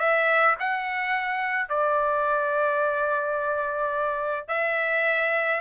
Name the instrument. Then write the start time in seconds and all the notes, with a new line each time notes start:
trumpet
0.00 E5
0.60 F#5
1.69 D5
4.49 E5